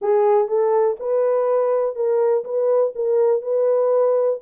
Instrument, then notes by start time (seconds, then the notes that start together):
horn
0.01 G#4
0.48 A4
0.99 B4
1.95 A#4
2.44 B4
2.95 A#4
3.42 B4